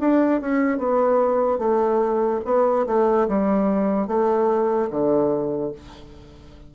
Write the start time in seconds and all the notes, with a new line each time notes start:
0.00 D4
0.41 C#4
0.78 B3
1.58 A3
2.45 B3
2.87 A3
3.28 G3
4.07 A3
4.90 D3